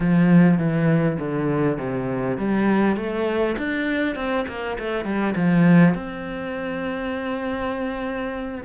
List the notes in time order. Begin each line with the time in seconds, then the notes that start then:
0.00 F3
0.58 E3
1.19 D3
1.78 C3
2.37 G3
2.96 A3
3.58 D4
4.15 C4
4.47 A#3
4.78 A3
5.04 G3
5.35 F3
5.94 C4